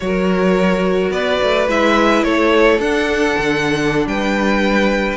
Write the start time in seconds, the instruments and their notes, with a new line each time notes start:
0.00 cello F#3, viola F#4, violin A#4 C#5
1.10 cello B3, violin B4 D5
1.42 cello A3
1.68 cello G#3, viola E4, violin E5
2.23 cello A3, violin A4 C#5
2.79 cello D4, viola D4, violin F#5
3.38 cello D3
4.06 cello G3, violin B4 G5